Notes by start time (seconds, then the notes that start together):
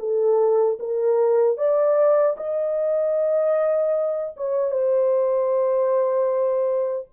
0.00 A4
0.80 A#4
1.58 D5
2.38 D#5
4.37 C#5
4.72 C5